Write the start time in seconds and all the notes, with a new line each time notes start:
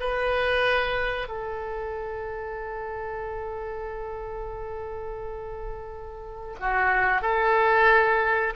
0.00 B4
1.28 A4
6.60 F#4
7.22 A4